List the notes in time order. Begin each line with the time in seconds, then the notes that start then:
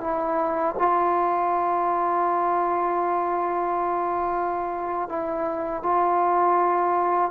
0.00 E4
0.78 F4
5.08 E4
5.82 F4